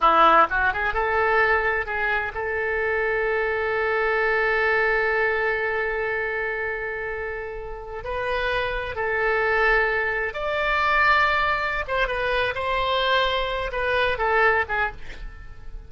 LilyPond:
\new Staff \with { instrumentName = "oboe" } { \time 4/4 \tempo 4 = 129 e'4 fis'8 gis'8 a'2 | gis'4 a'2.~ | a'1~ | a'1~ |
a'4~ a'16 b'2 a'8.~ | a'2~ a'16 d''4.~ d''16~ | d''4. c''8 b'4 c''4~ | c''4. b'4 a'4 gis'8 | }